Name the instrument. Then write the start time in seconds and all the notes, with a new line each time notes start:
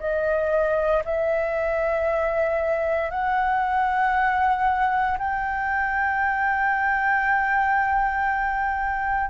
flute
0.00 D#5
1.05 E5
3.11 F#5
5.19 G5